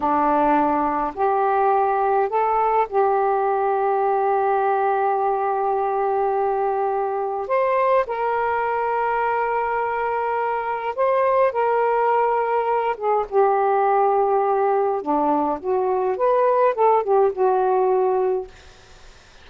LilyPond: \new Staff \with { instrumentName = "saxophone" } { \time 4/4 \tempo 4 = 104 d'2 g'2 | a'4 g'2.~ | g'1~ | g'4 c''4 ais'2~ |
ais'2. c''4 | ais'2~ ais'8 gis'8 g'4~ | g'2 d'4 fis'4 | b'4 a'8 g'8 fis'2 | }